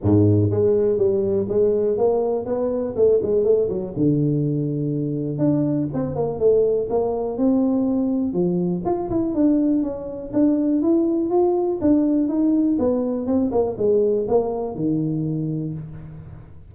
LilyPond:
\new Staff \with { instrumentName = "tuba" } { \time 4/4 \tempo 4 = 122 gis,4 gis4 g4 gis4 | ais4 b4 a8 gis8 a8 fis8 | d2. d'4 | c'8 ais8 a4 ais4 c'4~ |
c'4 f4 f'8 e'8 d'4 | cis'4 d'4 e'4 f'4 | d'4 dis'4 b4 c'8 ais8 | gis4 ais4 dis2 | }